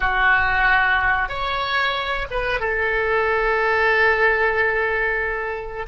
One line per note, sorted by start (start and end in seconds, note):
0.00 1.29 F#4
1.29 2.26 C#5
2.31 2.60 B4
2.60 5.86 A4